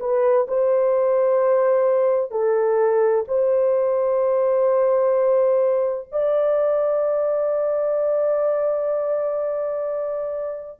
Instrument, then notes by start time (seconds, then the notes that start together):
horn
0.00 B4
0.48 C5
2.31 A4
3.28 C5
6.12 D5